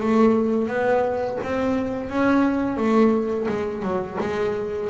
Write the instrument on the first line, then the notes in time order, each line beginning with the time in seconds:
double bass
0.00 A3
0.68 B3
1.43 C4
2.09 C#4
2.77 A3
3.48 G#3
3.82 F#3
4.20 G#3